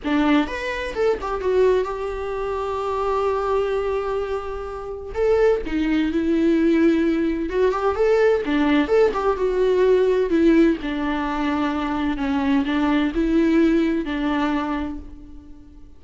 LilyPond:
\new Staff \with { instrumentName = "viola" } { \time 4/4 \tempo 4 = 128 d'4 b'4 a'8 g'8 fis'4 | g'1~ | g'2. a'4 | dis'4 e'2. |
fis'8 g'8 a'4 d'4 a'8 g'8 | fis'2 e'4 d'4~ | d'2 cis'4 d'4 | e'2 d'2 | }